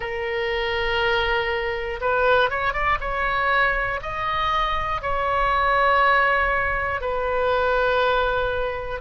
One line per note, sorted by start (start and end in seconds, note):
0.00 2.00 A#4
2.00 2.50 B4
2.50 2.73 C#5
2.73 2.98 D5
3.00 4.00 C#5
4.02 5.01 D#5
5.01 7.00 C#5
7.00 9.00 B4